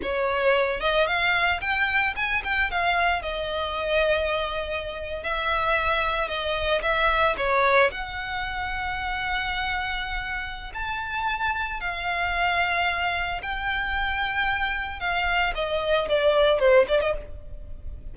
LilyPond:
\new Staff \with { instrumentName = "violin" } { \time 4/4 \tempo 4 = 112 cis''4. dis''8 f''4 g''4 | gis''8 g''8 f''4 dis''2~ | dis''4.~ dis''16 e''2 dis''16~ | dis''8. e''4 cis''4 fis''4~ fis''16~ |
fis''1 | a''2 f''2~ | f''4 g''2. | f''4 dis''4 d''4 c''8 d''16 dis''16 | }